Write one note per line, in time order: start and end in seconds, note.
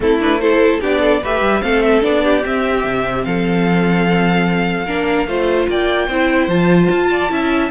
0.00 0.79 A3
0.00 0.20 C4
0.00 0.41 E4
0.00 0.21 A4
0.20 0.40 D4
0.20 0.40 B4
0.40 0.81 E4
0.40 0.81 A4
0.40 0.80 C5
0.81 1.23 B3
0.81 1.21 D4
0.81 1.00 G4
0.81 1.23 D5
1.00 1.20 A4
1.22 1.41 A3
1.22 1.61 G4
1.22 1.62 B4
1.22 1.61 E5
1.41 1.61 G3
1.61 2.03 A3
1.61 2.01 C4
1.61 2.23 A4
1.61 1.82 F5
1.82 2.02 E5
2.01 2.43 B3
2.01 2.42 D4
2.01 2.44 D5
2.23 3.24 G4
2.43 4.86 C4
2.43 2.84 C4
2.43 3.24 E5
2.84 3.24 C3
3.24 4.86 F3
3.24 4.86 A4
3.24 5.67 F5
4.86 5.26 A#3
4.86 5.27 D4
4.86 5.26 A#4
5.26 5.67 A3
5.26 6.09 F4
5.26 5.68 C5
5.68 6.08 A#3
5.68 6.07 D5
5.68 6.49 G5
6.07 6.47 C4
6.07 6.50 E4
6.07 7.08 C5
6.47 6.88 F3
6.47 7.29 F4
6.47 7.70 A5
6.90 7.30 F4
7.11 7.31 D5
7.29 7.70 C#4
7.29 7.69 E4
7.29 7.70 E5